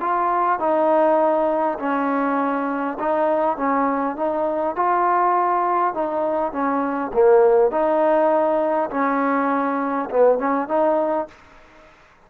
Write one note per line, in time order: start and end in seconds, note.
0.00 0.59 F4
0.59 1.78 D#4
1.79 2.98 C#4
2.99 3.57 D#4
3.57 4.16 C#4
4.16 4.76 D#4
4.76 5.94 F4
5.94 6.52 D#4
6.52 7.11 C#4
7.13 7.71 A#3
7.71 8.89 D#4
8.90 10.09 C#4
10.10 10.38 B3
10.38 10.68 C#4
10.68 11.27 D#4